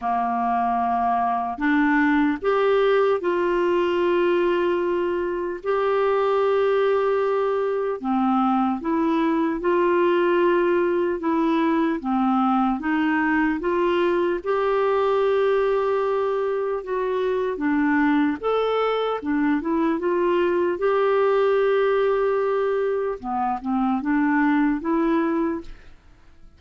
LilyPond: \new Staff \with { instrumentName = "clarinet" } { \time 4/4 \tempo 4 = 75 ais2 d'4 g'4 | f'2. g'4~ | g'2 c'4 e'4 | f'2 e'4 c'4 |
dis'4 f'4 g'2~ | g'4 fis'4 d'4 a'4 | d'8 e'8 f'4 g'2~ | g'4 b8 c'8 d'4 e'4 | }